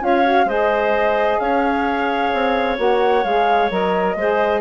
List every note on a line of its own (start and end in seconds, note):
0.00 0.45 C#4
0.00 0.23 F4
0.00 0.47 C#5
0.00 0.48 F5
0.23 0.46 F#4
0.45 1.37 G#3
0.45 2.76 G#4
0.45 1.39 C5
0.45 1.39 D#5
1.39 2.32 C#4
1.39 4.17 C#5
1.39 2.77 F5
2.33 2.78 C4
2.76 3.24 A#3
2.76 3.22 F#4
2.76 3.23 F#5
3.23 3.70 G#3
3.23 3.70 G#4
3.23 3.70 F5
3.70 4.15 F#3
3.70 4.16 A#4
3.70 4.61 D#5
4.15 4.61 G#3
4.15 4.61 G#4
4.15 4.61 C5